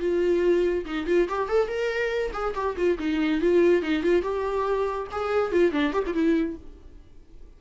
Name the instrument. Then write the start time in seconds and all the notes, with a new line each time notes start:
viola
0.00 F4
0.85 D#4
1.07 F4
1.29 G4
1.49 A4
1.68 A#4
2.33 G#4
2.55 G4
2.77 F4
2.99 D#4
3.41 F4
3.82 D#4
4.03 F4
4.22 G4
5.12 G#4
5.52 F4
5.72 D4
5.93 G4
6.07 F4
6.14 E4